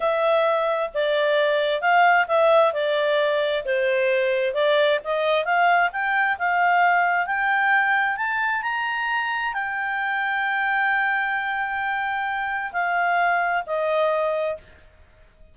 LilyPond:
\new Staff \with { instrumentName = "clarinet" } { \time 4/4 \tempo 4 = 132 e''2 d''2 | f''4 e''4 d''2 | c''2 d''4 dis''4 | f''4 g''4 f''2 |
g''2 a''4 ais''4~ | ais''4 g''2.~ | g''1 | f''2 dis''2 | }